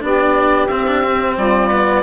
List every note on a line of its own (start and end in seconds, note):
0.00 0.70 B3
0.00 0.67 D4
0.00 1.36 G4
0.00 0.68 D5
0.68 1.37 C4
0.68 0.87 C4
0.68 1.35 E5
0.87 1.04 D4
1.04 1.71 C4
1.36 2.04 G3
1.36 2.03 F4
1.36 2.04 D5
1.71 2.04 B3